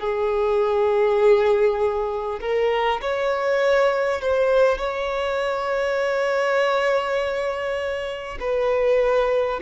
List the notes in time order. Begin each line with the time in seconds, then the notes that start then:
0.00 G#4
2.41 A#4
3.01 C#5
4.21 C5
4.78 C#5
8.40 B4